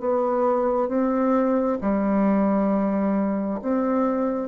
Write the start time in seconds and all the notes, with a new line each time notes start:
0.00 B3
0.88 C4
1.82 G3
3.62 C4